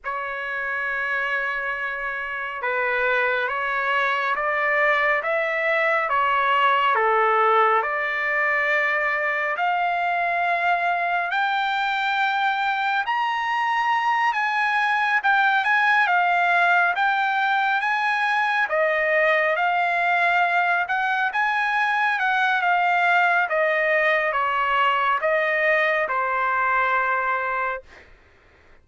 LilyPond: \new Staff \with { instrumentName = "trumpet" } { \time 4/4 \tempo 4 = 69 cis''2. b'4 | cis''4 d''4 e''4 cis''4 | a'4 d''2 f''4~ | f''4 g''2 ais''4~ |
ais''8 gis''4 g''8 gis''8 f''4 g''8~ | g''8 gis''4 dis''4 f''4. | fis''8 gis''4 fis''8 f''4 dis''4 | cis''4 dis''4 c''2 | }